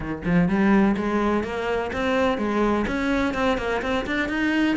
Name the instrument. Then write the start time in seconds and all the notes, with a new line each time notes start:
cello
0.00 D#3
0.25 F3
0.48 G3
0.97 G#3
1.43 A#3
1.93 C4
2.38 G#3
2.87 C#4
3.34 C4
3.57 A#3
3.81 C4
4.06 D4
4.28 D#4